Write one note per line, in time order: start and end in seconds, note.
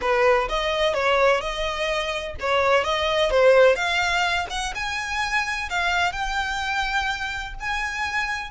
0.01 0.48 B4
0.49 0.94 D#5
0.94 1.40 C#5
1.40 2.35 D#5
2.39 2.83 C#5
2.83 3.30 D#5
3.30 3.75 C5
3.75 4.46 F5
4.49 4.73 F#5
4.74 5.69 G#5
5.69 6.12 F5
6.12 7.54 G5
7.60 8.50 G#5